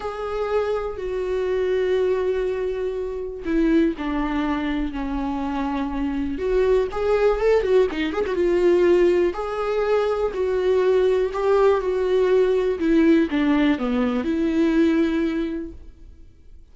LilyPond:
\new Staff \with { instrumentName = "viola" } { \time 4/4 \tempo 4 = 122 gis'2 fis'2~ | fis'2. e'4 | d'2 cis'2~ | cis'4 fis'4 gis'4 a'8 fis'8 |
dis'8 gis'16 fis'16 f'2 gis'4~ | gis'4 fis'2 g'4 | fis'2 e'4 d'4 | b4 e'2. | }